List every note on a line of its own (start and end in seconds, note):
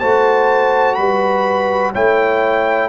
0.00 0.98 A3
0.00 1.94 F#4
0.00 0.97 C5
0.00 0.95 A5
0.95 1.95 G3
0.95 1.92 B4
0.95 1.91 B5
1.92 2.89 A3
1.92 2.89 E4
1.92 2.89 C#5
1.92 2.89 G5